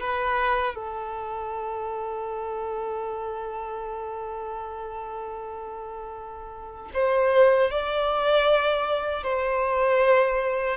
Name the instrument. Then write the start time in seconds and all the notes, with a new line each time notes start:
violin
0.00 B4
0.75 A4
6.94 C5
7.70 D5
9.23 C5